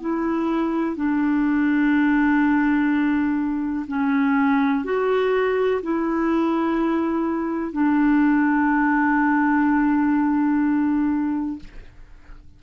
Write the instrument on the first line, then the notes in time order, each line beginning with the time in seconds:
clarinet
0.00 E4
0.95 D4
3.88 C#4
4.84 F#4
5.82 E4
7.72 D4